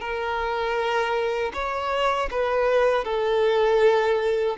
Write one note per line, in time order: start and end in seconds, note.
0.00 1.52 A#4
1.54 2.30 C#5
2.31 3.04 B4
3.04 4.56 A4